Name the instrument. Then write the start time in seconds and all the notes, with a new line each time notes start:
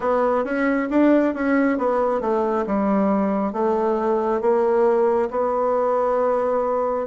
bassoon
0.00 B3
0.44 C#4
0.90 D4
1.34 C#4
1.78 B3
2.21 A3
2.66 G3
3.53 A3
4.41 A#3
5.30 B3